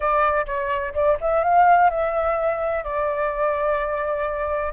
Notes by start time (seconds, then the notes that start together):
0.00 D5
0.46 C#5
0.93 D5
1.20 E5
1.43 F5
1.89 E5
2.83 D5